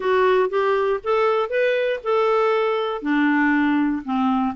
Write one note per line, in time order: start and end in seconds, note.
0.00 0.49 F#4
0.49 0.99 G4
1.03 1.49 A4
1.49 2.00 B4
2.03 3.02 A4
3.02 4.02 D4
4.04 4.54 C4